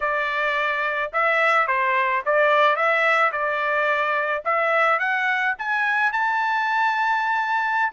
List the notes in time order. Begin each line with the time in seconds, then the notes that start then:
0.00 D5
1.12 E5
1.67 C5
2.25 D5
2.76 E5
3.32 D5
4.44 E5
4.99 F#5
5.58 G#5
6.12 A5